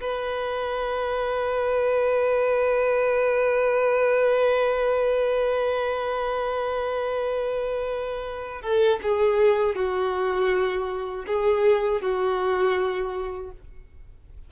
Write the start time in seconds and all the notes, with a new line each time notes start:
0.00 B4
8.61 A4
9.02 G#4
9.75 F#4
11.26 G#4
12.01 F#4